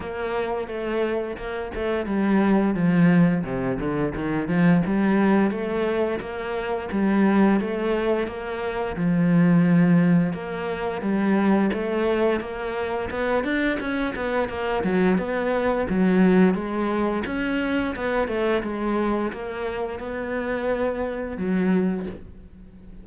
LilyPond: \new Staff \with { instrumentName = "cello" } { \time 4/4 \tempo 4 = 87 ais4 a4 ais8 a8 g4 | f4 c8 d8 dis8 f8 g4 | a4 ais4 g4 a4 | ais4 f2 ais4 |
g4 a4 ais4 b8 d'8 | cis'8 b8 ais8 fis8 b4 fis4 | gis4 cis'4 b8 a8 gis4 | ais4 b2 fis4 | }